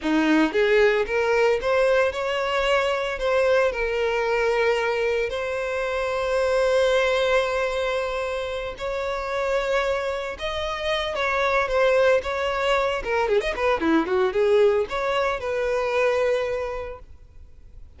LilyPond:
\new Staff \with { instrumentName = "violin" } { \time 4/4 \tempo 4 = 113 dis'4 gis'4 ais'4 c''4 | cis''2 c''4 ais'4~ | ais'2 c''2~ | c''1~ |
c''8 cis''2. dis''8~ | dis''4 cis''4 c''4 cis''4~ | cis''8 ais'8 gis'16 dis''16 b'8 e'8 fis'8 gis'4 | cis''4 b'2. | }